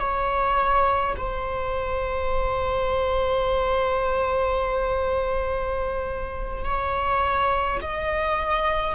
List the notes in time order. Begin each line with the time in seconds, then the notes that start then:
0.00 C#5
1.17 C5
6.65 C#5
7.82 D#5